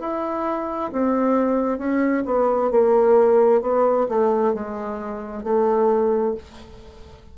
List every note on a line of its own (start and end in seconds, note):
0.00 0.91 E4
0.93 1.78 C4
1.78 2.24 C#4
2.26 2.71 B3
2.71 3.62 A#3
3.62 4.07 B3
4.09 4.54 A3
4.54 5.44 G#3
5.44 6.35 A3